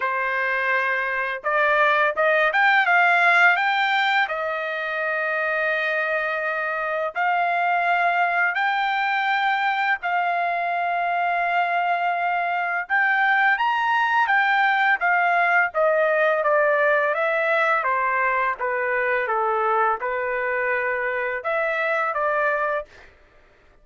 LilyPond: \new Staff \with { instrumentName = "trumpet" } { \time 4/4 \tempo 4 = 84 c''2 d''4 dis''8 g''8 | f''4 g''4 dis''2~ | dis''2 f''2 | g''2 f''2~ |
f''2 g''4 ais''4 | g''4 f''4 dis''4 d''4 | e''4 c''4 b'4 a'4 | b'2 e''4 d''4 | }